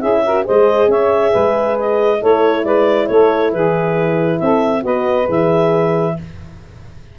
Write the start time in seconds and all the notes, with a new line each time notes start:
0.00 C#4 E4 G#4 E5
0.26 F#4 A#4
0.44 G#3 G#4 C5 D#5
0.88 C#4 C#5 E5
1.32 G#3 B4
1.80 D#5
2.21 A3 E4 A4 C#5
2.65 G#3 B4 D5
3.08 A3 A4 C#5
3.53 E3 G#4 B4
4.40 C4 A4 E5
4.82 B3 F#4 B4 D#5
5.27 E3 G#4 E5